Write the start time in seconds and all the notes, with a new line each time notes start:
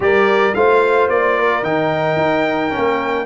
0.00 G3 G4 A#4 D5
0.54 A3 F4 C5 F5
1.08 A#3 D5
1.38 A#4
1.62 D#3 D#4 G5
2.16 D#4
2.70 A#3 C#4